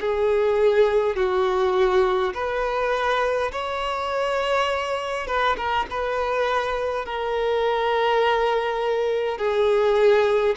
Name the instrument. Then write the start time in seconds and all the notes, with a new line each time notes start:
violin
0.00 G#4
1.16 F#4
2.34 B4
3.52 C#5
5.27 B4
5.57 A#4
5.90 B4
7.05 A#4
9.37 G#4